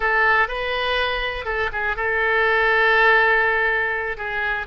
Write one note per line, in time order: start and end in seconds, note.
0.00 0.48 A4
0.48 1.45 B4
1.45 1.70 A4
1.72 1.96 G#4
1.96 4.17 A4
4.17 4.66 G#4